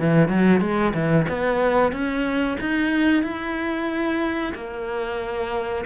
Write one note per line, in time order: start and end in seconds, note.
0.00 0.28 E3
0.28 0.61 F#3
0.61 0.93 G#3
0.94 1.27 E3
1.29 1.92 B3
1.92 2.58 C#4
2.61 3.23 D#4
3.23 4.54 E4
4.55 5.85 A#3